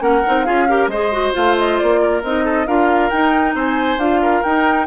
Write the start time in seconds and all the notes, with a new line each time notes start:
0.00 A#3 C#4 A#4 F#5
0.27 C4 D#4
0.45 C#4 F4 G#4 F5
0.69 G4 A#4
0.88 G#3 G#4 C5 D#5
1.13 F#4
1.33 A3 F4 F5
1.58 D#5
1.78 A#3 D5
2.02 A#4
2.23 C4 D#4 D#5
2.45 A4
2.67 D4 F4 A#4 F5
3.10 D#4 G5
3.55 C4 C5 G#5
3.97 D4 F4 F5
4.22 A#4
4.43 D#4 G5